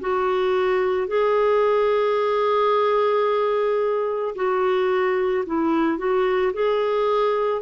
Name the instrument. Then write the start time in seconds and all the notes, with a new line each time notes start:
clarinet
0.00 F#4
1.08 G#4
4.35 F#4
5.46 E4
5.98 F#4
6.53 G#4